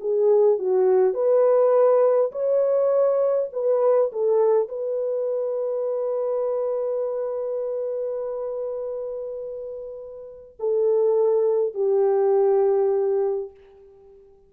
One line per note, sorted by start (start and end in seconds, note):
0.00 0.58 G#4
0.58 1.14 F#4
1.14 2.31 B4
2.32 3.49 C#5
3.52 4.11 B4
4.12 4.68 A4
4.68 10.57 B4
10.59 11.74 A4
11.74 13.50 G4